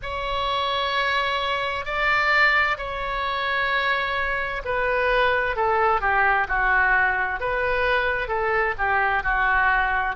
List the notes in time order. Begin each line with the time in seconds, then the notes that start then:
0.02 C#5
1.85 D5
2.77 C#5
4.64 B4
5.56 A4
6.00 G4
6.48 F#4
7.40 B4
8.28 A4
8.78 G4
9.23 F#4